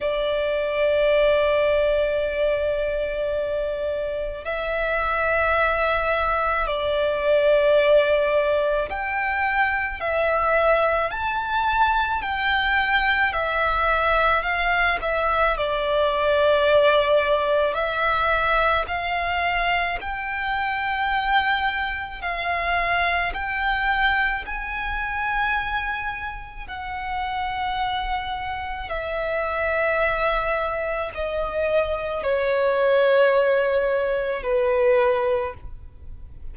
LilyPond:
\new Staff \with { instrumentName = "violin" } { \time 4/4 \tempo 4 = 54 d''1 | e''2 d''2 | g''4 e''4 a''4 g''4 | e''4 f''8 e''8 d''2 |
e''4 f''4 g''2 | f''4 g''4 gis''2 | fis''2 e''2 | dis''4 cis''2 b'4 | }